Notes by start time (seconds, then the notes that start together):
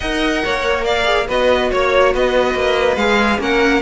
0.00 D#4 A#4 D#5 F#5
0.44 A#3 C#5
0.84 D5 F5
1.04 G#4
1.28 B3 F#4 B4 D#5
1.70 A#3 C#5
2.13 B3 B4 D#5
2.54 A#3
2.96 G#3 G#4 F5
3.38 A#3 C#4 A#4 F#5